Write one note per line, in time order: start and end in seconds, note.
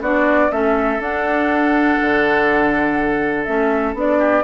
0.00 0.49 B3
0.00 0.50 D4
0.00 0.51 F#4
0.00 0.51 D5
0.50 0.99 A3
0.50 0.99 C#4
0.50 4.18 A4
0.50 1.01 E5
0.99 1.97 D4
0.99 3.46 D4
0.99 3.44 F#5
2.01 3.47 D3
3.44 3.93 A3
3.44 3.95 C#4
3.44 3.93 E5
3.93 4.42 B3
3.93 4.43 D4
3.93 4.43 D5
4.18 4.43 G4